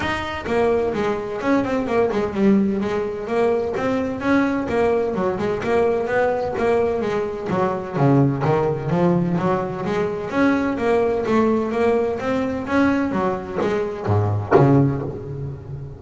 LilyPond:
\new Staff \with { instrumentName = "double bass" } { \time 4/4 \tempo 4 = 128 dis'4 ais4 gis4 cis'8 c'8 | ais8 gis8 g4 gis4 ais4 | c'4 cis'4 ais4 fis8 gis8 | ais4 b4 ais4 gis4 |
fis4 cis4 dis4 f4 | fis4 gis4 cis'4 ais4 | a4 ais4 c'4 cis'4 | fis4 gis4 gis,4 cis4 | }